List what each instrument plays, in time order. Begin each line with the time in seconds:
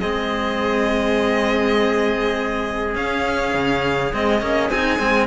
0.00 cello G#3 C4, trumpet G#4, violin D#5
2.95 cello C#4, violin F5
3.54 cello C#3
4.13 cello G#3 C4, violin D#5
4.40 cello A#3 C#4
4.70 cello C4 D#4, violin G#5
4.99 cello G#3 C4